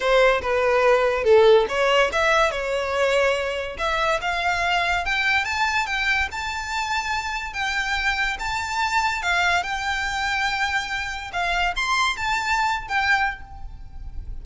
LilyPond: \new Staff \with { instrumentName = "violin" } { \time 4/4 \tempo 4 = 143 c''4 b'2 a'4 | cis''4 e''4 cis''2~ | cis''4 e''4 f''2 | g''4 a''4 g''4 a''4~ |
a''2 g''2 | a''2 f''4 g''4~ | g''2. f''4 | c'''4 a''4.~ a''16 g''4~ g''16 | }